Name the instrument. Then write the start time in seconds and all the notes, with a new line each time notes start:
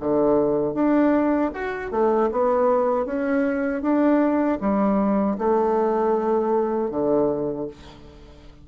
bassoon
0.00 D3
0.74 D4
1.54 F#4
1.91 A3
2.31 B3
3.06 C#4
3.82 D4
4.60 G3
5.38 A3
6.90 D3